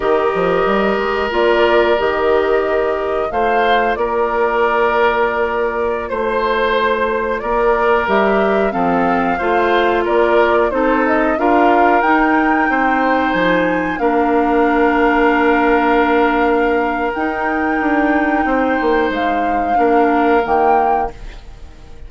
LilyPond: <<
  \new Staff \with { instrumentName = "flute" } { \time 4/4 \tempo 4 = 91 dis''2 d''4 dis''4~ | dis''4 f''4 d''2~ | d''4~ d''16 c''2 d''8.~ | d''16 e''4 f''2 d''8.~ |
d''16 c''8 dis''8 f''4 g''4.~ g''16~ | g''16 gis''4 f''2~ f''8.~ | f''2 g''2~ | g''4 f''2 g''4 | }
  \new Staff \with { instrumentName = "oboe" } { \time 4/4 ais'1~ | ais'4 c''4 ais'2~ | ais'4~ ais'16 c''2 ais'8.~ | ais'4~ ais'16 a'4 c''4 ais'8.~ |
ais'16 a'4 ais'2 c''8.~ | c''4~ c''16 ais'2~ ais'8.~ | ais'1 | c''2 ais'2 | }
  \new Staff \with { instrumentName = "clarinet" } { \time 4/4 g'2 f'4 g'4~ | g'4 f'2.~ | f'1~ | f'16 g'4 c'4 f'4.~ f'16~ |
f'16 dis'4 f'4 dis'4.~ dis'16~ | dis'4~ dis'16 d'2~ d'8.~ | d'2 dis'2~ | dis'2 d'4 ais4 | }
  \new Staff \with { instrumentName = "bassoon" } { \time 4/4 dis8 f8 g8 gis8 ais4 dis4~ | dis4 a4 ais2~ | ais4~ ais16 a2 ais8.~ | ais16 g4 f4 a4 ais8.~ |
ais16 c'4 d'4 dis'4 c'8.~ | c'16 f4 ais2~ ais8.~ | ais2 dis'4 d'4 | c'8 ais8 gis4 ais4 dis4 | }
>>